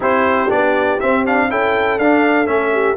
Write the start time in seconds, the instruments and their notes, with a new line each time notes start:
0.00 tuba C4, trombone E4, horn G4, trumpet C5
0.48 tuba B3, trombone D4, trumpet D5
1.00 trombone C4, tuba C4, trumpet E5
1.25 trombone D4, trumpet F5
1.49 tuba C#4, trombone E4, horn A4, trumpet G5
1.98 tuba D4, trombone D4, trumpet F5
2.46 tuba A3, trombone C#4, trumpet E5
2.73 horn G4